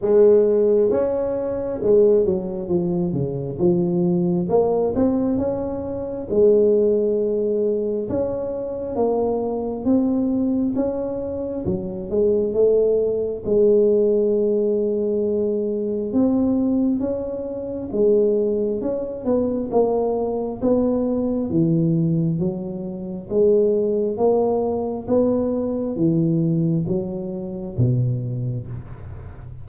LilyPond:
\new Staff \with { instrumentName = "tuba" } { \time 4/4 \tempo 4 = 67 gis4 cis'4 gis8 fis8 f8 cis8 | f4 ais8 c'8 cis'4 gis4~ | gis4 cis'4 ais4 c'4 | cis'4 fis8 gis8 a4 gis4~ |
gis2 c'4 cis'4 | gis4 cis'8 b8 ais4 b4 | e4 fis4 gis4 ais4 | b4 e4 fis4 b,4 | }